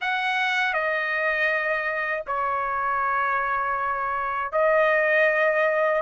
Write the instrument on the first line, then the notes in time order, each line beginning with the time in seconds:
trumpet
0.01 F#5
0.73 D#5
2.27 C#5
4.51 D#5